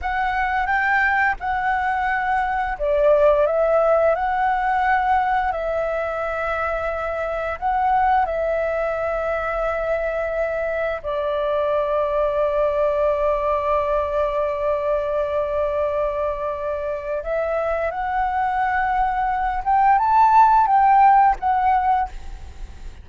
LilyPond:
\new Staff \with { instrumentName = "flute" } { \time 4/4 \tempo 4 = 87 fis''4 g''4 fis''2 | d''4 e''4 fis''2 | e''2. fis''4 | e''1 |
d''1~ | d''1~ | d''4 e''4 fis''2~ | fis''8 g''8 a''4 g''4 fis''4 | }